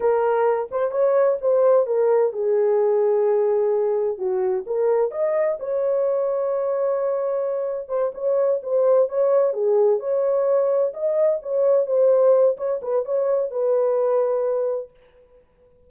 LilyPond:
\new Staff \with { instrumentName = "horn" } { \time 4/4 \tempo 4 = 129 ais'4. c''8 cis''4 c''4 | ais'4 gis'2.~ | gis'4 fis'4 ais'4 dis''4 | cis''1~ |
cis''4 c''8 cis''4 c''4 cis''8~ | cis''8 gis'4 cis''2 dis''8~ | dis''8 cis''4 c''4. cis''8 b'8 | cis''4 b'2. | }